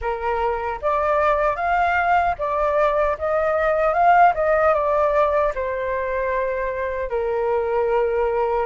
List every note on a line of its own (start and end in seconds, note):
0.01 0.80 A#4
0.81 1.56 D5
1.56 2.35 F5
2.38 3.17 D5
3.18 3.93 D#5
3.93 4.33 F5
4.34 4.74 D#5
4.74 5.53 D5
5.54 7.09 C5
7.09 8.66 A#4